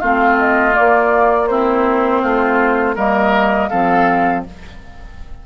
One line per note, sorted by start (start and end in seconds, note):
0.00 0.77 A3
0.00 0.72 C4
0.00 1.49 F4
0.00 0.37 F5
0.38 0.75 D#5
0.72 1.46 A#3
0.72 1.47 D5
0.79 2.24 A#3
1.47 2.96 C4
1.47 2.22 E4
1.47 2.96 C5
2.22 2.96 A3
2.22 2.96 F4
2.96 3.70 G3
2.96 3.70 A#3
2.96 3.70 A#4
2.96 3.69 D#5
3.69 4.46 F3
3.69 4.46 C4
3.69 4.44 A4
3.69 4.43 F5